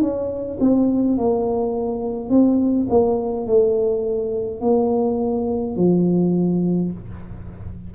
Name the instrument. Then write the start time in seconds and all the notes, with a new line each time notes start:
tuba
0.00 C#4
0.60 C4
1.17 A#3
2.29 C4
2.89 A#3
3.46 A3
4.60 A#3
5.76 F3